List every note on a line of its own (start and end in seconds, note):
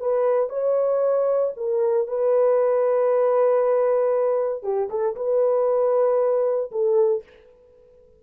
0.00 0.50 B4
0.50 1.53 C#5
1.57 2.08 A#4
2.08 4.64 B4
4.64 4.89 G4
4.90 5.16 A4
5.16 6.71 B4
6.72 7.23 A4